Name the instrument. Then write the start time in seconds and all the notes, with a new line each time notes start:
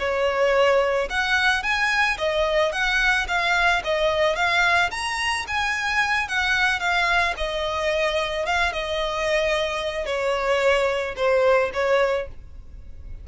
violin
0.00 C#5
1.10 F#5
1.63 G#5
2.18 D#5
2.72 F#5
3.28 F5
3.85 D#5
4.36 F5
4.92 A#5
5.48 G#5
6.29 F#5
6.80 F5
7.37 D#5
8.46 F5
8.73 D#5
10.06 C#5
11.17 C5
11.74 C#5